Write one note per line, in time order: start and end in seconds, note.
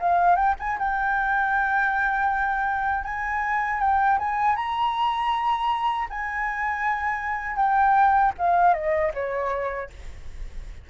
0.00 0.36 F5
0.36 0.55 G5
0.59 0.79 G#5
0.79 3.04 G5
3.04 3.80 G#5
3.80 4.18 G5
4.19 4.56 G#5
4.56 6.08 A#5
6.10 7.56 G#5
7.56 8.32 G5
8.38 8.74 F5
8.74 9.12 D#5
9.14 9.90 C#5